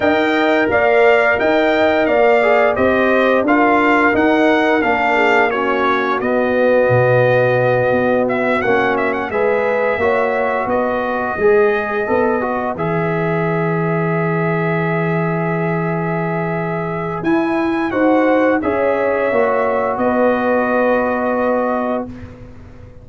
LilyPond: <<
  \new Staff \with { instrumentName = "trumpet" } { \time 4/4 \tempo 4 = 87 g''4 f''4 g''4 f''4 | dis''4 f''4 fis''4 f''4 | cis''4 dis''2. | e''8 fis''8 e''16 fis''16 e''2 dis''8~ |
dis''2~ dis''8 e''4.~ | e''1~ | e''4 gis''4 fis''4 e''4~ | e''4 dis''2. | }
  \new Staff \with { instrumentName = "horn" } { \time 4/4 dis''4 d''4 dis''4 d''4 | c''4 ais'2~ ais'8 gis'8 | fis'1~ | fis'4. b'4 cis''4 b'8~ |
b'1~ | b'1~ | b'2 c''4 cis''4~ | cis''4 b'2. | }
  \new Staff \with { instrumentName = "trombone" } { \time 4/4 ais'2.~ ais'8 gis'8 | g'4 f'4 dis'4 d'4 | cis'4 b2.~ | b8 cis'4 gis'4 fis'4.~ |
fis'8 gis'4 a'8 fis'8 gis'4.~ | gis'1~ | gis'4 e'4 fis'4 gis'4 | fis'1 | }
  \new Staff \with { instrumentName = "tuba" } { \time 4/4 dis'4 ais4 dis'4 ais4 | c'4 d'4 dis'4 ais4~ | ais4 b4 b,4. b8~ | b8 ais4 gis4 ais4 b8~ |
b8 gis4 b4 e4.~ | e1~ | e4 e'4 dis'4 cis'4 | ais4 b2. | }
>>